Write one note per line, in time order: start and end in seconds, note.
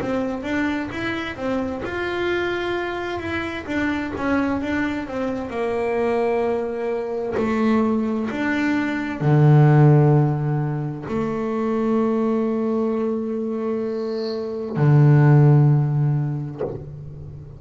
0.00 0.42 C4
0.42 0.89 D4
0.91 1.36 E4
1.36 1.82 C4
1.84 3.19 F4
3.19 3.65 E4
3.66 4.12 D4
4.17 4.62 C#4
4.62 5.07 D4
5.07 5.50 C4
5.50 7.34 A#3
7.37 8.29 A3
8.30 9.20 D4
9.20 11.05 D3
11.08 14.76 A3
14.76 16.61 D3